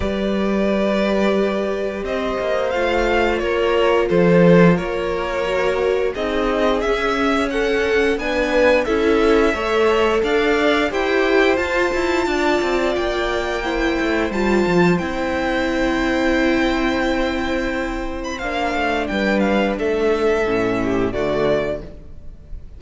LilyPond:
<<
  \new Staff \with { instrumentName = "violin" } { \time 4/4 \tempo 4 = 88 d''2. dis''4 | f''4 cis''4 c''4 cis''4~ | cis''4 dis''4 e''4 fis''4 | gis''4 e''2 f''4 |
g''4 a''2 g''4~ | g''4 a''4 g''2~ | g''2~ g''8. b''16 f''4 | g''8 f''8 e''2 d''4 | }
  \new Staff \with { instrumentName = "violin" } { \time 4/4 b'2. c''4~ | c''4 ais'4 a'4 ais'4~ | ais'4 gis'2 a'4 | b'4 a'4 cis''4 d''4 |
c''2 d''2 | c''1~ | c''1 | b'4 a'4. g'8 fis'4 | }
  \new Staff \with { instrumentName = "viola" } { \time 4/4 g'1 | f'1 | fis'4 dis'4 cis'2 | d'4 e'4 a'2 |
g'4 f'2. | e'4 f'4 e'2~ | e'2. d'4~ | d'2 cis'4 a4 | }
  \new Staff \with { instrumentName = "cello" } { \time 4/4 g2. c'8 ais8 | a4 ais4 f4 ais4~ | ais4 c'4 cis'2 | b4 cis'4 a4 d'4 |
e'4 f'8 e'8 d'8 c'8 ais4~ | ais8 a8 g8 f8 c'2~ | c'2. ais8 a8 | g4 a4 a,4 d4 | }
>>